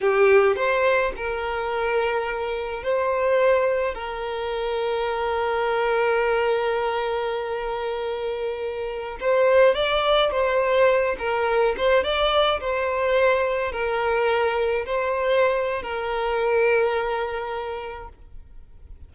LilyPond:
\new Staff \with { instrumentName = "violin" } { \time 4/4 \tempo 4 = 106 g'4 c''4 ais'2~ | ais'4 c''2 ais'4~ | ais'1~ | ais'1~ |
ais'16 c''4 d''4 c''4. ais'16~ | ais'8. c''8 d''4 c''4.~ c''16~ | c''16 ais'2 c''4.~ c''16 | ais'1 | }